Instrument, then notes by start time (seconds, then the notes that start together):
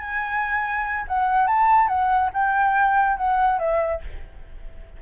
flute
0.00 G#5
1.08 F#5
1.47 A5
1.88 F#5
2.34 G5
3.17 F#5
3.59 E5